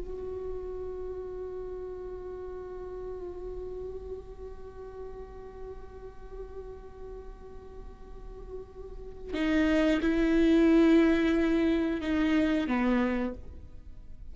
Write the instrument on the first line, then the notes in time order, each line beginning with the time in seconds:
viola
0.00 F#4
9.34 D#4
10.01 E4
12.01 D#4
12.67 B3